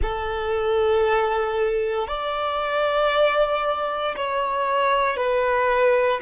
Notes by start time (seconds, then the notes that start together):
0.01 A4
2.07 D5
4.16 C#5
5.16 B4